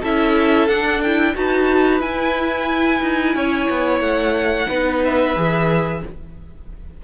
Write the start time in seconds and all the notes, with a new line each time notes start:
0.00 C#4 E4 A4 E5
0.68 D4 F#5
1.02 E4 G5
1.35 D#4 F#4 B4 A5
2.00 E4 G#5
3.02 D#4
3.35 C#4 C#5
3.70 B3
4.00 A3 F#5
4.68 B3 D#4 B4
5.04 E5
5.35 E3 G#4